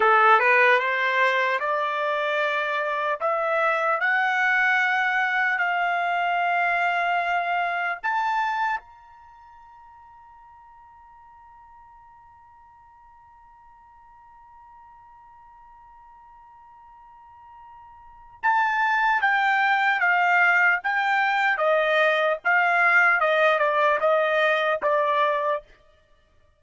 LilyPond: \new Staff \with { instrumentName = "trumpet" } { \time 4/4 \tempo 4 = 75 a'8 b'8 c''4 d''2 | e''4 fis''2 f''4~ | f''2 a''4 ais''4~ | ais''1~ |
ais''1~ | ais''2. a''4 | g''4 f''4 g''4 dis''4 | f''4 dis''8 d''8 dis''4 d''4 | }